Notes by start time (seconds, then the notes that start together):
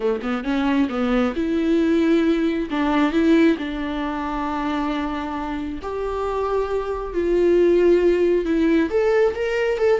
0.00 A3
0.22 B3
0.43 C#4
0.89 B3
1.35 E4
2.70 D4
3.12 E4
3.58 D4
5.82 G4
7.13 F4
8.45 E4
8.90 A4
9.35 A#4
9.78 A4